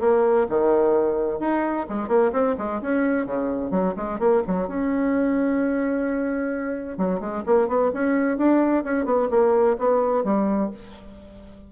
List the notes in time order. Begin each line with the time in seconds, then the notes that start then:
0.00 A#3
0.49 D#3
1.40 D#4
1.89 G#3
2.08 A#3
2.32 C4
2.58 G#3
2.81 C#4
3.26 C#3
3.71 F#3
3.96 G#3
4.19 A#3
4.47 F#3
4.67 C#4
6.97 F#3
7.20 G#3
7.46 A#3
7.68 B3
7.94 C#4
8.38 D4
8.84 C#4
9.05 B3
9.30 A#3
9.78 B3
10.24 G3